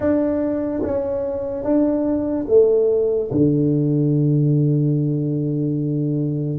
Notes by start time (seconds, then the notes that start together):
0.00 D4
0.83 C#4
1.63 D4
2.47 A3
3.31 D3